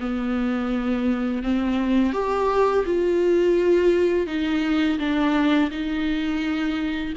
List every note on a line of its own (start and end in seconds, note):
0.00 1.43 B3
1.43 2.13 C4
2.13 2.84 G4
2.86 4.27 F4
4.27 4.98 D#4
4.99 5.70 D4
5.71 7.14 D#4